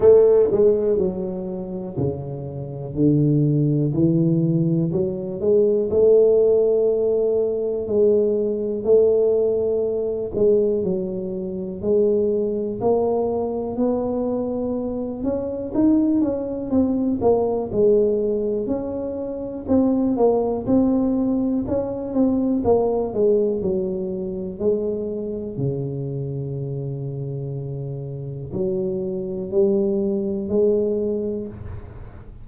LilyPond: \new Staff \with { instrumentName = "tuba" } { \time 4/4 \tempo 4 = 61 a8 gis8 fis4 cis4 d4 | e4 fis8 gis8 a2 | gis4 a4. gis8 fis4 | gis4 ais4 b4. cis'8 |
dis'8 cis'8 c'8 ais8 gis4 cis'4 | c'8 ais8 c'4 cis'8 c'8 ais8 gis8 | fis4 gis4 cis2~ | cis4 fis4 g4 gis4 | }